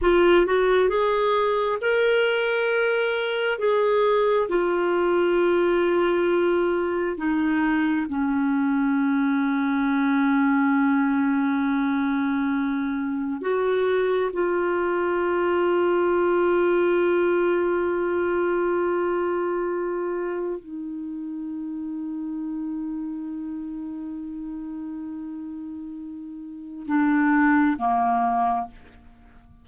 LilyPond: \new Staff \with { instrumentName = "clarinet" } { \time 4/4 \tempo 4 = 67 f'8 fis'8 gis'4 ais'2 | gis'4 f'2. | dis'4 cis'2.~ | cis'2. fis'4 |
f'1~ | f'2. dis'4~ | dis'1~ | dis'2 d'4 ais4 | }